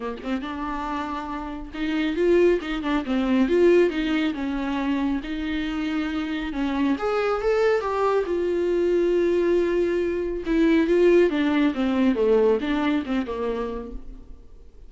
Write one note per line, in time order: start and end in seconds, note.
0.00 0.17 A#3
0.23 0.41 C4
0.41 1.72 D4
1.74 2.16 D#4
2.16 2.59 F4
2.61 2.82 D#4
2.82 3.04 D4
3.05 3.48 C4
3.48 3.90 F4
3.90 4.33 D#4
4.34 5.21 C#4
5.23 6.52 D#4
6.52 6.96 C#4
6.98 7.41 G#4
7.41 7.80 A4
7.80 8.24 G4
8.26 10.43 F4
10.45 10.87 E4
10.87 11.29 F4
11.29 11.73 D4
11.74 12.15 C4
12.15 12.58 A3
12.60 13.04 D4
13.06 13.26 C4
13.26 13.91 A#3